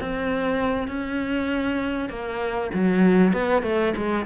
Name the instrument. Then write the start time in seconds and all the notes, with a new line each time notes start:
cello
0.00 C4
0.88 C#4
2.09 A#3
2.74 F#3
3.33 B3
3.62 A3
3.96 G#3